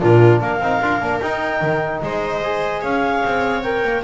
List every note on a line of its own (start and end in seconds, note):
0.00 0.42 A#2
0.00 0.60 D4
0.00 0.40 F4
0.00 0.41 A#4
0.40 0.60 A#3
0.40 2.01 A#4
0.40 1.20 F5
0.60 0.80 C4
0.60 0.83 D#4
0.81 1.01 D4
0.81 1.01 F4
1.01 1.21 A#3
1.01 1.21 D4
1.20 1.62 D#4
1.20 2.44 D#4
1.20 2.01 G5
1.62 2.02 D#3
2.03 2.83 G#3
2.03 2.82 C5
2.03 2.83 D#5
2.44 3.64 G#4
2.82 3.23 C#4
2.82 4.03 C#5
2.82 3.63 F5
3.25 3.84 C4
3.63 4.04 A#4
3.63 4.03 G5
3.84 4.04 A#3